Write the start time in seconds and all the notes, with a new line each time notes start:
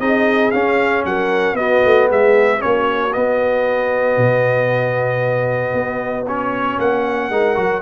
0.00 C4 D#4 G#4 D#5
0.51 C#4 F5
1.05 F#3 A#4 F#5
1.53 B3 F#4 D#5
1.85 A3
2.10 G#3 G#4 E5
2.59 A#3 C#4 F#4 C#5
3.13 B3 D#5
4.17 B2
5.74 B3
6.27 C#4 C#5
6.78 A#3 F#5
7.30 G#3 D#4 A#4
7.56 F#3 F#4